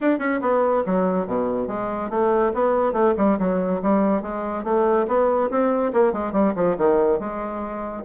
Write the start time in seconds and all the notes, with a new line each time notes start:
0.00 D4
0.19 C#4
0.41 B3
0.86 F#3
1.26 B2
1.67 G#3
2.10 A3
2.54 B3
2.93 A3
3.17 G3
3.38 F#3
3.82 G3
4.22 G#3
4.64 A3
5.07 B3
5.50 C4
5.93 A#3
6.12 G#3
6.32 G3
6.55 F3
6.77 D#3
7.19 G#3